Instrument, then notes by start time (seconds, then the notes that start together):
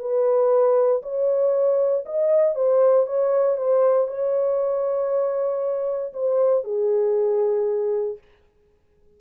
horn
0.00 B4
1.03 C#5
2.06 D#5
2.55 C5
3.07 C#5
3.58 C5
4.08 C#5
6.13 C5
6.64 G#4